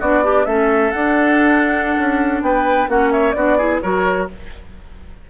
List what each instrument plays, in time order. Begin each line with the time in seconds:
0.00 bassoon B3, clarinet D4, oboe F#4, flute D5
0.24 oboe D4, clarinet G4
0.45 bassoon A3, clarinet C#4, oboe A4, flute E5
0.91 bassoon D4, clarinet D4, flute F#5
1.98 bassoon C#4
2.42 bassoon B3, oboe B4, flute G5
2.88 bassoon A#3, clarinet C#4, oboe F#4, flute F#5
3.12 oboe C#5, flute E5
3.32 bassoon B3, clarinet D4, oboe F#4, flute D5
3.58 clarinet E4, oboe G#4
3.81 bassoon F#3, clarinet F#4, oboe A#4, flute C#5